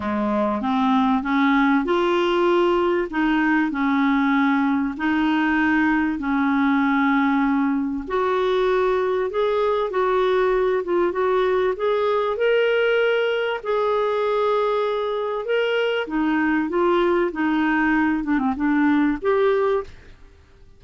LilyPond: \new Staff \with { instrumentName = "clarinet" } { \time 4/4 \tempo 4 = 97 gis4 c'4 cis'4 f'4~ | f'4 dis'4 cis'2 | dis'2 cis'2~ | cis'4 fis'2 gis'4 |
fis'4. f'8 fis'4 gis'4 | ais'2 gis'2~ | gis'4 ais'4 dis'4 f'4 | dis'4. d'16 c'16 d'4 g'4 | }